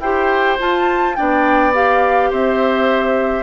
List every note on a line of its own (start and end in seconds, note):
0.00 0.57 E4
0.00 0.59 G4
0.00 1.17 C5
0.00 0.58 G5
0.59 1.16 F4
0.59 1.19 F4
0.59 1.16 A5
1.16 2.32 B3
1.16 1.73 D4
1.16 2.30 D5
1.16 1.73 G5
1.74 3.43 G4
1.74 2.32 F5
2.30 3.43 C4
2.30 3.43 C5
2.30 3.43 E5